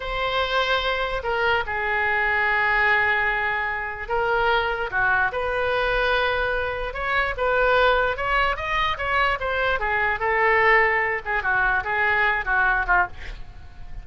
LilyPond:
\new Staff \with { instrumentName = "oboe" } { \time 4/4 \tempo 4 = 147 c''2. ais'4 | gis'1~ | gis'2 ais'2 | fis'4 b'2.~ |
b'4 cis''4 b'2 | cis''4 dis''4 cis''4 c''4 | gis'4 a'2~ a'8 gis'8 | fis'4 gis'4. fis'4 f'8 | }